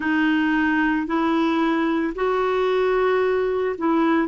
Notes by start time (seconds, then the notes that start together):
0.00 D#4
1.06 E4
2.15 F#4
3.78 E4